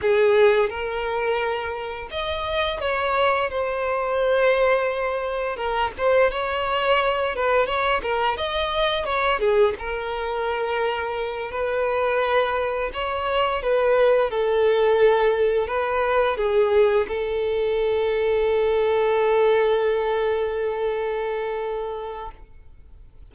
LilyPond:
\new Staff \with { instrumentName = "violin" } { \time 4/4 \tempo 4 = 86 gis'4 ais'2 dis''4 | cis''4 c''2. | ais'8 c''8 cis''4. b'8 cis''8 ais'8 | dis''4 cis''8 gis'8 ais'2~ |
ais'8 b'2 cis''4 b'8~ | b'8 a'2 b'4 gis'8~ | gis'8 a'2.~ a'8~ | a'1 | }